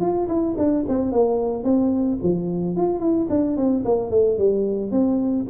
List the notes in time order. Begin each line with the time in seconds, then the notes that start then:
0.00 F4
0.28 E4
0.57 D4
0.88 C4
1.12 A#3
1.63 C4
2.22 F3
2.76 F4
2.99 E4
3.29 D4
3.56 C4
3.84 A#3
4.10 A3
4.38 G3
4.91 C4